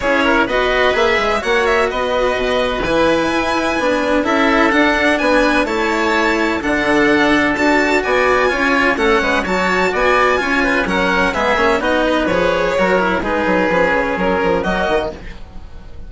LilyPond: <<
  \new Staff \with { instrumentName = "violin" } { \time 4/4 \tempo 4 = 127 cis''4 dis''4 e''4 fis''8 e''8 | dis''2 gis''2~ | gis''4 e''4 fis''4 gis''4 | a''2 fis''2 |
a''4 gis''2 fis''4 | a''4 gis''2 fis''4 | e''4 dis''4 cis''2 | b'2 ais'4 dis''4 | }
  \new Staff \with { instrumentName = "oboe" } { \time 4/4 gis'8 ais'8 b'2 cis''4 | b'1~ | b'4 a'2 b'4 | cis''2 a'2~ |
a'4 d''4 cis''4 a'8 b'8 | cis''4 d''4 cis''8 b'8 ais'4 | gis'4 fis'8 b'4. ais'4 | gis'2. fis'4 | }
  \new Staff \with { instrumentName = "cello" } { \time 4/4 e'4 fis'4 gis'4 fis'4~ | fis'2 e'2 | d'4 e'4 d'2 | e'2 d'2 |
fis'2 f'4 cis'4 | fis'2 f'4 cis'4 | b8 cis'8 dis'4 gis'4 fis'8 e'8 | dis'4 cis'2 ais4 | }
  \new Staff \with { instrumentName = "bassoon" } { \time 4/4 cis'4 b4 ais8 gis8 ais4 | b4 b,4 e4 e'4 | b4 cis'4 d'4 b4 | a2 d2 |
d'4 b4 cis'4 a8 gis8 | fis4 b4 cis'4 fis4 | gis8 ais8 b4 f4 fis4 | gis8 fis8 f8 cis8 fis8 f8 fis8 dis8 | }
>>